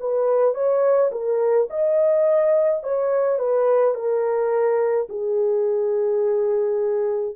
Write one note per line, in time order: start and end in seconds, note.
0.00 0.54 B4
0.54 1.11 C#5
1.12 1.68 A#4
1.70 2.83 D#5
2.83 3.39 C#5
3.39 3.94 B4
3.94 5.07 A#4
5.09 7.35 G#4